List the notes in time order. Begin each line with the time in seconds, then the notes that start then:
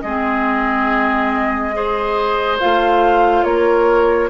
0.00 G#3 G#4 D#5
0.06 C4
1.73 G#4 C5
2.60 A3 F4 F5
3.44 A#3 A#4 C#5